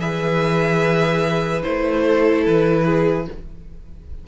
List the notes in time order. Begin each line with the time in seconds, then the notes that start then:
0.00 E3 G#4 B4 E5
1.63 A3 E4 C5
2.04 A4
2.46 E3 B4
2.85 G#4